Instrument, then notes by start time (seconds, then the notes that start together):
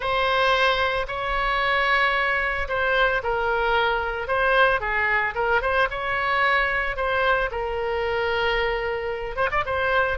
oboe
0.00 C5
1.07 C#5
2.68 C5
3.23 A#4
4.27 C5
4.80 G#4
5.34 A#4
5.61 C5
5.90 C#5
6.96 C5
7.51 A#4
9.36 C5
9.51 D5
9.65 C5